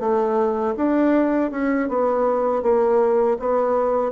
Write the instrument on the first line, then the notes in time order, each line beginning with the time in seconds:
bassoon
0.00 A3
0.77 D4
1.51 C#4
1.89 B3
2.63 A#3
3.40 B3